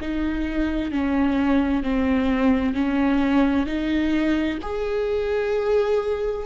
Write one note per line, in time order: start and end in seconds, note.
0.00 0.91 D#4
0.91 1.83 C#4
1.83 2.74 C4
2.74 3.66 C#4
3.66 4.59 D#4
4.62 6.45 G#4